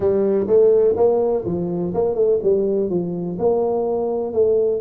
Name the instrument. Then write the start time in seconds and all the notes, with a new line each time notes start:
tuba
0.00 G3
0.47 A3
0.96 A#3
1.45 F3
1.94 A#3
2.14 A3
2.42 G3
2.89 F3
3.38 A#3
4.33 A3